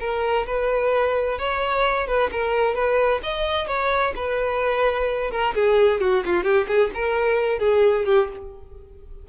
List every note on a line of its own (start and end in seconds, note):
0.00 0.46 A#4
0.47 1.38 B4
1.38 2.07 C#5
2.07 2.30 B4
2.32 2.75 A#4
2.75 3.21 B4
3.23 3.67 D#5
3.67 4.13 C#5
4.16 5.31 B4
5.31 5.54 A#4
5.54 6.01 G#4
6.01 6.24 F#4
6.25 6.44 F4
6.44 6.67 G4
6.68 6.91 G#4
6.94 7.59 A#4
7.59 8.05 G#4
8.06 8.29 G4